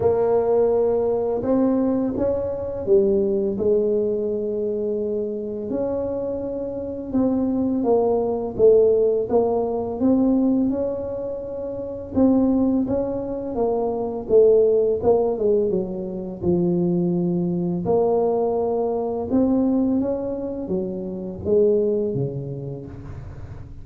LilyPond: \new Staff \with { instrumentName = "tuba" } { \time 4/4 \tempo 4 = 84 ais2 c'4 cis'4 | g4 gis2. | cis'2 c'4 ais4 | a4 ais4 c'4 cis'4~ |
cis'4 c'4 cis'4 ais4 | a4 ais8 gis8 fis4 f4~ | f4 ais2 c'4 | cis'4 fis4 gis4 cis4 | }